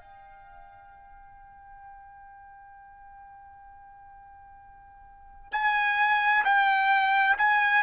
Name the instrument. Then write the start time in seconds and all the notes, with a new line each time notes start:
trumpet
0.00 G5
5.52 G#5
6.44 G5
7.38 G#5